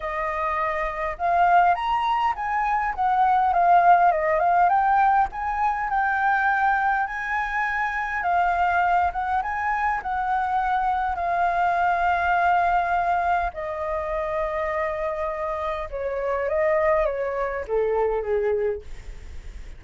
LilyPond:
\new Staff \with { instrumentName = "flute" } { \time 4/4 \tempo 4 = 102 dis''2 f''4 ais''4 | gis''4 fis''4 f''4 dis''8 f''8 | g''4 gis''4 g''2 | gis''2 f''4. fis''8 |
gis''4 fis''2 f''4~ | f''2. dis''4~ | dis''2. cis''4 | dis''4 cis''4 a'4 gis'4 | }